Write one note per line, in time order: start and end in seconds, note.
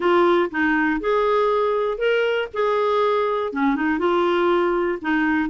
0.00 0.50 F4
0.50 1.00 D#4
1.00 1.97 G#4
1.97 2.48 A#4
2.53 3.52 G#4
3.52 3.75 C#4
3.75 3.98 D#4
3.98 4.98 F4
5.01 5.49 D#4